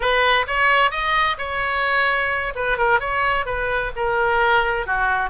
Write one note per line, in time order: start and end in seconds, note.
0.00 0.46 B4
0.47 0.90 C#5
0.90 1.37 D#5
1.38 2.53 C#5
2.55 2.77 B4
2.77 2.99 A#4
2.99 3.45 C#5
3.45 3.91 B4
3.95 4.86 A#4
4.86 5.30 F#4